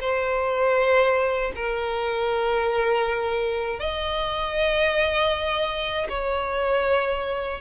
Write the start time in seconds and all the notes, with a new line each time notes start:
0.00 C5
1.55 A#4
3.79 D#5
6.09 C#5